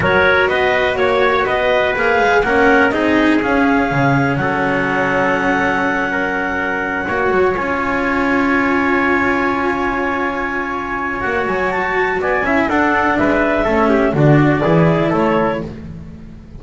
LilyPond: <<
  \new Staff \with { instrumentName = "clarinet" } { \time 4/4 \tempo 4 = 123 cis''4 dis''4 cis''4 dis''4 | f''4 fis''4 dis''4 f''4~ | f''4 fis''2.~ | fis''2.~ fis''8 gis''8~ |
gis''1~ | gis''2. fis''8 gis''8 | a''4 gis''4 fis''4 e''4~ | e''4 d''2 cis''4 | }
  \new Staff \with { instrumentName = "trumpet" } { \time 4/4 ais'4 b'4 cis''4 b'4~ | b'4 ais'4 gis'2~ | gis'4 a'2.~ | a'8 ais'2 cis''4.~ |
cis''1~ | cis''1~ | cis''4 d''8 e''8 a'4 b'4 | a'8 g'8 fis'4 gis'4 a'4 | }
  \new Staff \with { instrumentName = "cello" } { \time 4/4 fis'1 | gis'4 cis'4 dis'4 cis'4~ | cis'1~ | cis'2~ cis'8 fis'4 f'8~ |
f'1~ | f'2. fis'4~ | fis'4. e'8 d'2 | cis'4 d'4 e'2 | }
  \new Staff \with { instrumentName = "double bass" } { \time 4/4 fis4 b4 ais4 b4 | ais8 gis8 ais4 c'4 cis'4 | cis4 fis2.~ | fis2~ fis8 ais8 fis8 cis'8~ |
cis'1~ | cis'2. ais8 fis8~ | fis4 b8 cis'8 d'4 gis4 | a4 d4 e4 a4 | }
>>